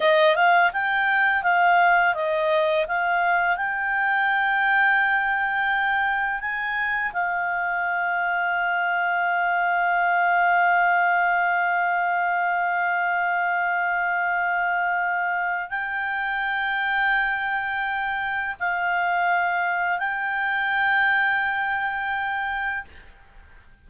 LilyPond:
\new Staff \with { instrumentName = "clarinet" } { \time 4/4 \tempo 4 = 84 dis''8 f''8 g''4 f''4 dis''4 | f''4 g''2.~ | g''4 gis''4 f''2~ | f''1~ |
f''1~ | f''2 g''2~ | g''2 f''2 | g''1 | }